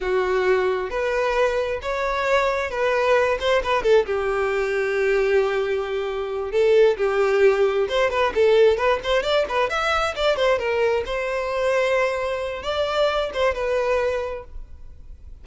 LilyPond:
\new Staff \with { instrumentName = "violin" } { \time 4/4 \tempo 4 = 133 fis'2 b'2 | cis''2 b'4. c''8 | b'8 a'8 g'2.~ | g'2~ g'8 a'4 g'8~ |
g'4. c''8 b'8 a'4 b'8 | c''8 d''8 b'8 e''4 d''8 c''8 ais'8~ | ais'8 c''2.~ c''8 | d''4. c''8 b'2 | }